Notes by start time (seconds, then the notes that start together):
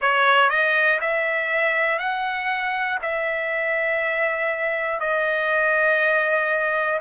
0.01 C#5
0.50 D#5
1.00 E5
1.98 F#5
3.01 E5
5.00 D#5